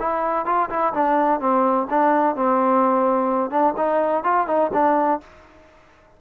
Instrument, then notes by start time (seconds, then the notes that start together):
trombone
0.00 E4
0.46 F4
0.70 E4
0.94 D4
1.40 C4
1.90 D4
2.36 C4
3.51 D4
3.77 D#4
4.24 F4
4.47 D#4
4.73 D4